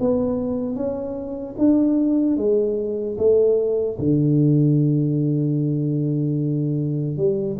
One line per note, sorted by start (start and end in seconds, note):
0.00 0.75 B3
0.75 1.55 C#4
1.58 2.36 D4
2.36 3.16 G#3
3.17 3.97 A3
3.99 7.17 D3
7.17 7.57 G3